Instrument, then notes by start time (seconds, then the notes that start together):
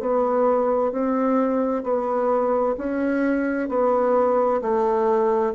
bassoon
0.00 B3
0.92 C4
1.83 B3
2.78 C#4
3.69 B3
4.62 A3